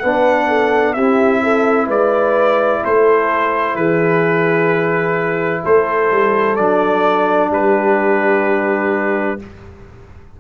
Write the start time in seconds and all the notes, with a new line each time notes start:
0.00 B3 D4 B4 F#5
0.48 A4
0.93 C4 E4 G4 E5
1.43 A4
1.87 G#3 B4 D5
2.85 A3 A4 C5
3.75 E3 G#4 B4
5.63 A3 A4 C5
6.11 G3
6.56 F#3 D4 D5
7.51 G3 G4 B4